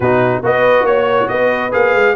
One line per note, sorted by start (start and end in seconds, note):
0.00 0.41 B2
0.00 0.43 D#4
0.00 0.43 F#4
0.00 0.43 B4
0.43 0.82 B3
0.43 1.71 F#4
0.43 0.86 B4
0.43 0.86 D#5
0.82 1.25 A#3
0.82 1.28 C#5
0.82 1.30 C#5
1.28 1.73 B3
1.28 2.15 B4
1.28 1.71 D#5
1.71 1.94 A#3
1.71 2.14 G#4
1.71 2.15 F5
1.94 2.15 G#3